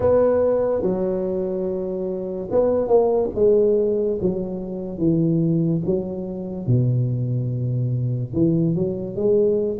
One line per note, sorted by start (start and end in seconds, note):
0.00 0.81 B3
0.81 2.48 F#3
2.50 2.87 B3
2.87 3.29 A#3
3.34 4.18 G#3
4.21 4.98 F#3
4.98 5.81 E3
5.85 6.66 F#3
6.66 8.33 B2
8.33 8.75 E3
8.75 9.16 F#3
9.16 9.78 G#3